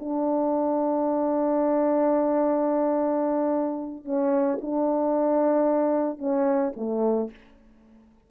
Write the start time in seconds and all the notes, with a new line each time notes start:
0.00 D4
4.05 C#4
4.62 D4
6.19 C#4
6.77 A3